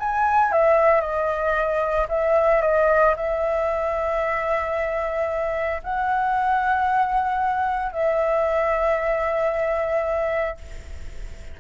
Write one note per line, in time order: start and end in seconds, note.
0.00 0.52 G#5
0.52 1.02 E5
1.02 2.08 D#5
2.09 2.62 E5
2.62 3.15 D#5
3.17 5.83 E5
5.84 7.92 F#5
7.92 10.58 E5